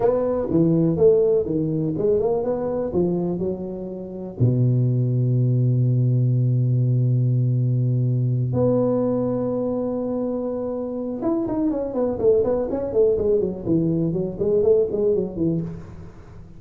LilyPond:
\new Staff \with { instrumentName = "tuba" } { \time 4/4 \tempo 4 = 123 b4 e4 a4 dis4 | gis8 ais8 b4 f4 fis4~ | fis4 b,2.~ | b,1~ |
b,4. b2~ b8~ | b2. e'8 dis'8 | cis'8 b8 a8 b8 cis'8 a8 gis8 fis8 | e4 fis8 gis8 a8 gis8 fis8 e8 | }